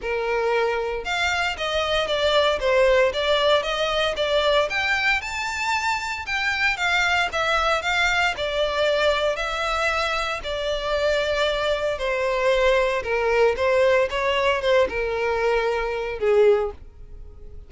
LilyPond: \new Staff \with { instrumentName = "violin" } { \time 4/4 \tempo 4 = 115 ais'2 f''4 dis''4 | d''4 c''4 d''4 dis''4 | d''4 g''4 a''2 | g''4 f''4 e''4 f''4 |
d''2 e''2 | d''2. c''4~ | c''4 ais'4 c''4 cis''4 | c''8 ais'2~ ais'8 gis'4 | }